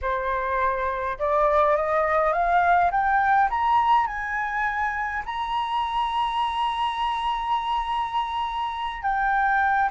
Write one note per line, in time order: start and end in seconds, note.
0.01 1.18 C5
1.18 1.76 D5
1.76 2.32 D#5
2.32 2.90 F5
2.91 3.49 G5
3.50 4.06 A#5
4.06 5.23 G#5
5.25 9.02 A#5
9.02 9.89 G5